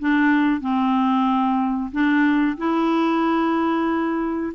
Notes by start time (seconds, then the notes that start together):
0.00 D4
0.61 C4
1.92 D4
2.58 E4